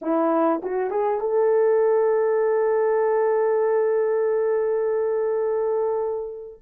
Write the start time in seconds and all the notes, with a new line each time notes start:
0.01 E4
0.62 F#4
0.90 G#4
1.20 A4